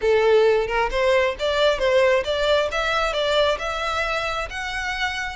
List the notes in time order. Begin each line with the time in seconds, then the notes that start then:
0.01 A4
0.67 A#4
0.91 C5
1.39 D5
1.78 C5
2.24 D5
2.71 E5
3.13 D5
3.59 E5
4.49 F#5